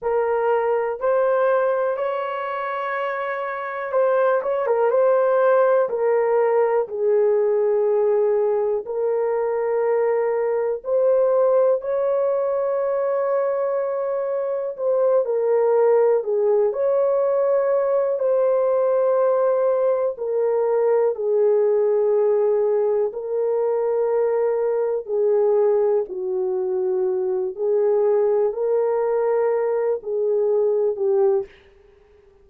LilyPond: \new Staff \with { instrumentName = "horn" } { \time 4/4 \tempo 4 = 61 ais'4 c''4 cis''2 | c''8 cis''16 ais'16 c''4 ais'4 gis'4~ | gis'4 ais'2 c''4 | cis''2. c''8 ais'8~ |
ais'8 gis'8 cis''4. c''4.~ | c''8 ais'4 gis'2 ais'8~ | ais'4. gis'4 fis'4. | gis'4 ais'4. gis'4 g'8 | }